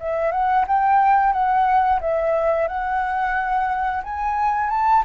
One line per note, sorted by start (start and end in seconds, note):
0.00 0.32 E5
0.32 0.65 F#5
0.67 1.33 G5
1.33 2.00 F#5
2.01 2.68 E5
2.68 4.03 F#5
4.04 4.70 G#5
4.70 5.04 A5